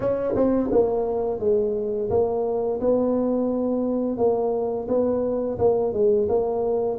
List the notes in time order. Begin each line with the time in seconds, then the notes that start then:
0.00 C#4
0.35 C4
0.71 A#3
1.39 G#3
2.10 A#3
2.80 B3
4.17 A#3
4.88 B3
5.58 A#3
5.93 G#3
6.29 A#3